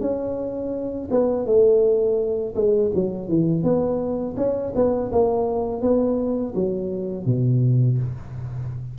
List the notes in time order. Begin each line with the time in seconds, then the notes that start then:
0.00 C#4
1.10 B3
1.46 A3
2.55 G#3
2.95 F#3
3.28 E3
3.63 B3
4.37 C#4
4.75 B3
5.12 A#3
5.81 B3
6.55 F#3
7.25 B2